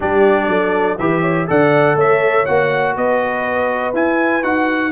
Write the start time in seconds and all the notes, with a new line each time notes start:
0.00 G3 D4 G4 D5
0.48 F#3 A4
0.98 E3 G4 B4 E5
1.21 C#5
1.47 D3 A4 D5 F#5
1.95 A3 C#5 E5
2.45 A#3 F#4 F#5
2.96 B3 B4 D#5
3.93 E4 G#5
4.42 D#4 F#4 F#5